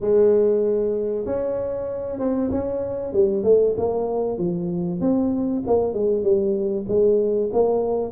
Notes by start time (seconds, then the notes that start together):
0.00 G#3
1.25 C#4
2.19 C4
2.50 C#4
3.12 G3
3.43 A3
3.77 A#3
4.38 F3
5.00 C4
5.66 A#3
5.93 G#3
6.23 G3
6.88 G#3
7.53 A#3